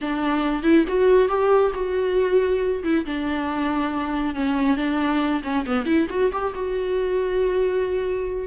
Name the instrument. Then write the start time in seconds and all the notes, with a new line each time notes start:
viola
0.01 D4
0.62 E4
0.88 F#4
1.28 G4
1.74 F#4
2.83 E4
3.05 D4
4.34 C#4
4.76 D4
5.43 C#4
5.66 B3
5.85 E4
6.09 F#4
6.32 G4
6.54 F#4